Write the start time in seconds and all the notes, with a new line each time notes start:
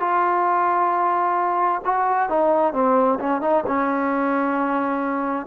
0.00 F4
1.85 F#4
2.29 D#4
2.74 C4
3.20 C#4
3.41 D#4
3.67 C#4